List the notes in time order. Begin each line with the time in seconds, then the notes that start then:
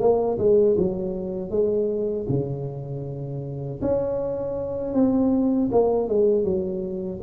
0.00 A#3
0.38 G#3
0.77 F#3
1.50 G#3
2.29 C#3
3.81 C#4
4.94 C4
5.71 A#3
6.08 G#3
6.44 F#3